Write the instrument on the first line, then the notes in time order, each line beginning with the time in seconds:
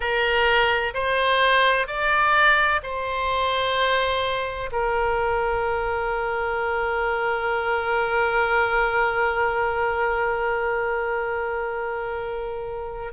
oboe
0.00 A#4
0.94 C5
1.87 D5
2.82 C5
4.72 A#4